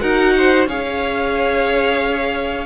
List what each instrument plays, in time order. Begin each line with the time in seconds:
0.00 cello D#4, viola F#4, violin A#4 F#5
0.37 violin C5
0.66 cello C#4, viola G#4, violin C#5 F5